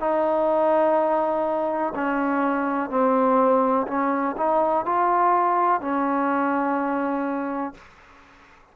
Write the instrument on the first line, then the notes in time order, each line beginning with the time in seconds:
trombone
0.00 D#4
1.95 C#4
2.90 C4
3.88 C#4
4.37 D#4
4.86 F4
5.81 C#4